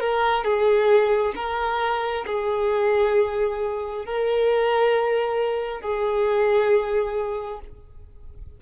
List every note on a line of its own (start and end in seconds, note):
0.00 0.44 A#4
0.44 1.34 G#4
1.36 2.25 A#4
2.26 4.05 G#4
4.05 5.81 A#4
5.81 7.60 G#4